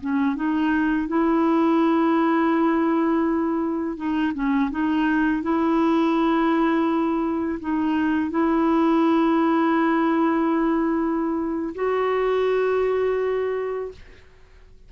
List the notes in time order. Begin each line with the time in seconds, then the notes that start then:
0.00 C#4
0.35 D#4
1.07 E4
3.97 D#4
4.34 C#4
4.71 D#4
5.42 E4
7.60 D#4
8.30 E4
11.75 F#4